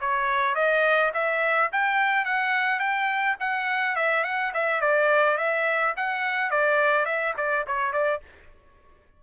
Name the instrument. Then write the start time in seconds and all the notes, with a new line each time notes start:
trumpet
0.00 C#5
0.55 D#5
1.14 E5
1.72 G5
2.25 F#5
2.79 G5
3.39 F#5
3.96 E5
4.24 F#5
4.54 E5
4.81 D5
5.37 E5
5.96 F#5
6.51 D5
7.05 E5
7.37 D5
7.67 C#5
7.92 D5